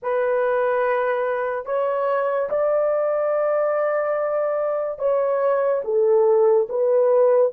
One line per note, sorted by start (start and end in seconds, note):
0.02 1.65 B4
1.65 2.48 C#5
2.49 4.98 D5
4.98 5.81 C#5
5.84 6.67 A4
6.69 7.52 B4